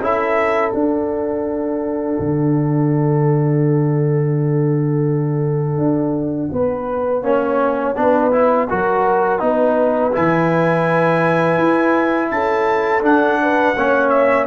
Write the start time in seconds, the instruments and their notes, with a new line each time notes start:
0.00 tuba C#4, trombone E4, horn A4, trumpet E5
0.72 trombone D4, tuba D4, trumpet F#5
2.19 tuba D3
5.77 tuba D4
6.52 tuba B3, horn B4
7.22 tuba A#3, trombone C#4, horn C#5
7.95 tuba B3, trombone D4, horn B4
8.32 trombone E4
8.69 tuba F#3, trombone F#4, horn A#4
9.39 tuba B3, trombone D#4, horn B4
10.12 tuba E3, trombone E4, trumpet G#5
11.58 tuba E4
12.31 tuba C#4, horn A4, trumpet A5
13.02 tuba D4, trombone D4, trumpet F#5
13.42 horn B4
13.76 tuba A#3, trombone C#4, horn C#5
14.09 trumpet E5